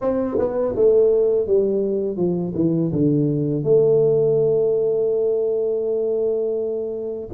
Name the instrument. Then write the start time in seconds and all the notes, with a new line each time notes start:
tuba
0.01 C4
0.38 B3
0.75 A3
1.46 G3
2.16 F3
2.54 E3
2.92 D3
3.63 A3